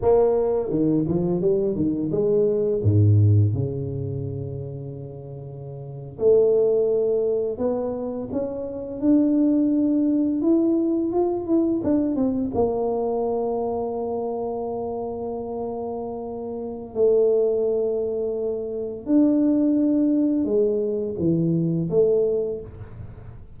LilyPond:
\new Staff \with { instrumentName = "tuba" } { \time 4/4 \tempo 4 = 85 ais4 dis8 f8 g8 dis8 gis4 | gis,4 cis2.~ | cis8. a2 b4 cis'16~ | cis'8. d'2 e'4 f'16~ |
f'16 e'8 d'8 c'8 ais2~ ais16~ | ais1 | a2. d'4~ | d'4 gis4 e4 a4 | }